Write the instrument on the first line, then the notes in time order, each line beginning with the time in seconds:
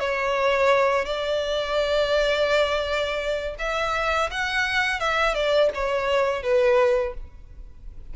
violin
0.00 C#5
1.06 D5
3.59 E5
4.31 F#5
5.00 E5
5.34 D5
5.75 C#5
6.43 B4